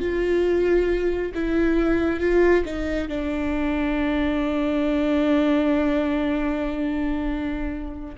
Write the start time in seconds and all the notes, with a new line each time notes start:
0.00 F4
1.35 E4
2.21 F4
2.66 D#4
3.09 D4